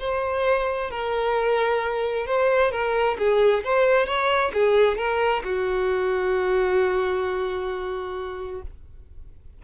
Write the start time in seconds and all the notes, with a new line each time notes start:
0.00 C5
0.91 A#4
2.27 C5
2.72 A#4
3.19 G#4
3.65 C5
4.07 C#5
4.54 G#4
4.98 A#4
5.44 F#4